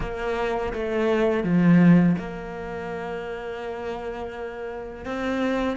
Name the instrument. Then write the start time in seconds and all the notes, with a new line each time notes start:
cello
0.00 A#3
0.73 A3
1.43 F3
2.18 A#3
5.05 C4